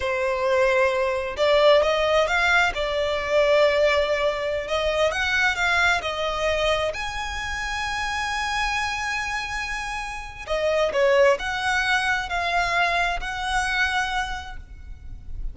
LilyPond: \new Staff \with { instrumentName = "violin" } { \time 4/4 \tempo 4 = 132 c''2. d''4 | dis''4 f''4 d''2~ | d''2~ d''16 dis''4 fis''8.~ | fis''16 f''4 dis''2 gis''8.~ |
gis''1~ | gis''2. dis''4 | cis''4 fis''2 f''4~ | f''4 fis''2. | }